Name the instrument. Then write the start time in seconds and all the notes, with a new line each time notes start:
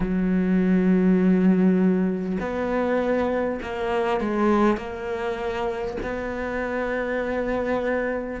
cello
0.00 F#3
2.39 B3
3.62 A#3
4.20 G#3
4.77 A#3
6.02 B3